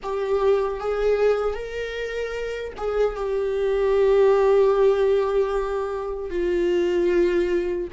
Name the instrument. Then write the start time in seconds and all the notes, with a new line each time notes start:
viola
0.02 G4
0.80 G#4
1.54 A#4
2.77 G#4
3.16 G4
6.30 F4